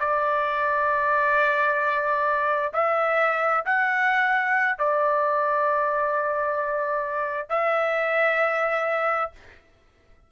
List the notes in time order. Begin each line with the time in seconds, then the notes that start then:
0.00 D5
2.74 E5
3.66 F#5
4.79 D5
7.50 E5